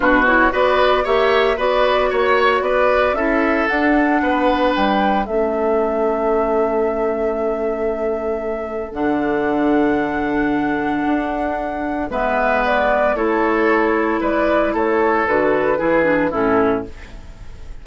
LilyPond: <<
  \new Staff \with { instrumentName = "flute" } { \time 4/4 \tempo 4 = 114 b'8 cis''8 d''4 e''4 d''4 | cis''4 d''4 e''4 fis''4~ | fis''4 g''4 e''2~ | e''1~ |
e''4 fis''2.~ | fis''2. e''4 | d''4 cis''2 d''4 | cis''4 b'2 a'4 | }
  \new Staff \with { instrumentName = "oboe" } { \time 4/4 fis'4 b'4 cis''4 b'4 | cis''4 b'4 a'2 | b'2 a'2~ | a'1~ |
a'1~ | a'2. b'4~ | b'4 a'2 b'4 | a'2 gis'4 e'4 | }
  \new Staff \with { instrumentName = "clarinet" } { \time 4/4 d'8 e'8 fis'4 g'4 fis'4~ | fis'2 e'4 d'4~ | d'2 cis'2~ | cis'1~ |
cis'4 d'2.~ | d'2. b4~ | b4 e'2.~ | e'4 fis'4 e'8 d'8 cis'4 | }
  \new Staff \with { instrumentName = "bassoon" } { \time 4/4 b,4 b4 ais4 b4 | ais4 b4 cis'4 d'4 | b4 g4 a2~ | a1~ |
a4 d2.~ | d4 d'2 gis4~ | gis4 a2 gis4 | a4 d4 e4 a,4 | }
>>